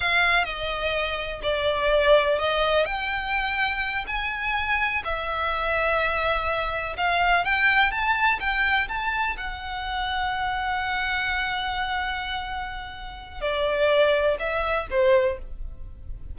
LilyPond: \new Staff \with { instrumentName = "violin" } { \time 4/4 \tempo 4 = 125 f''4 dis''2 d''4~ | d''4 dis''4 g''2~ | g''8 gis''2 e''4.~ | e''2~ e''8 f''4 g''8~ |
g''8 a''4 g''4 a''4 fis''8~ | fis''1~ | fis''1 | d''2 e''4 c''4 | }